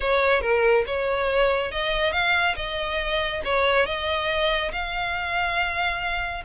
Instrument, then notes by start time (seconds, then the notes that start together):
violin
0.00 C#5
0.41 A#4
0.86 C#5
1.71 D#5
2.12 F5
2.56 D#5
3.44 C#5
3.86 D#5
4.72 F5